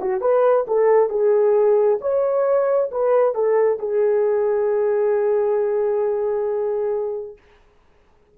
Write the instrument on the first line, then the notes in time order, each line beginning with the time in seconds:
horn
0.00 F#4
0.21 B4
0.67 A4
1.09 G#4
2.01 C#5
2.91 B4
3.34 A4
3.79 G#4